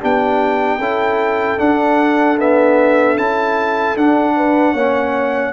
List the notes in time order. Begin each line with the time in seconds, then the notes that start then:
0.00 B3 D4 G4 G5
0.78 C#4 E4 A4
1.58 D4 F#5
2.39 B3 E5
3.17 C#4 E4 A5
3.96 D4 F#5
4.36 B4
4.73 A#3 C#4 C#5